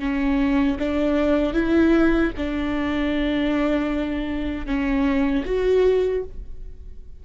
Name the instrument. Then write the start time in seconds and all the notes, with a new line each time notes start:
viola
0.00 C#4
0.80 D4
1.54 E4
2.38 D4
4.66 C#4
5.46 F#4